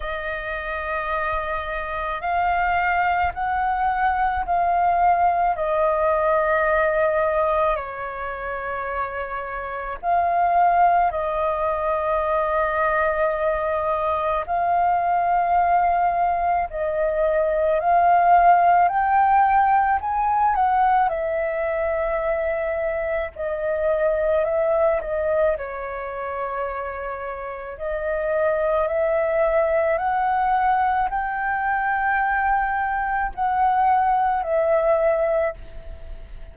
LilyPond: \new Staff \with { instrumentName = "flute" } { \time 4/4 \tempo 4 = 54 dis''2 f''4 fis''4 | f''4 dis''2 cis''4~ | cis''4 f''4 dis''2~ | dis''4 f''2 dis''4 |
f''4 g''4 gis''8 fis''8 e''4~ | e''4 dis''4 e''8 dis''8 cis''4~ | cis''4 dis''4 e''4 fis''4 | g''2 fis''4 e''4 | }